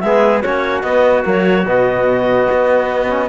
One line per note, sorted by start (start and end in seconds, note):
0.00 0.44 G#3
0.00 0.44 B3
0.00 0.42 G#4
0.00 0.41 E5
0.42 0.83 A#3
0.42 0.85 C#4
0.42 3.29 F#4
0.42 0.82 C#5
0.82 1.24 B3
0.82 1.23 D#5
1.24 1.65 F#3
1.24 1.65 A#3
1.24 1.68 C#5
1.65 2.47 B2
1.65 3.09 B3
1.65 3.29 D#5
2.52 3.29 B3
3.09 3.29 C#4